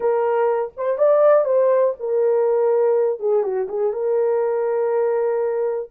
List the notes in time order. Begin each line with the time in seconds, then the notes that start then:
0.00 A#4
0.76 C5
0.98 D5
1.44 C5
1.99 A#4
3.19 G#4
3.43 F#4
3.68 G#4
3.92 A#4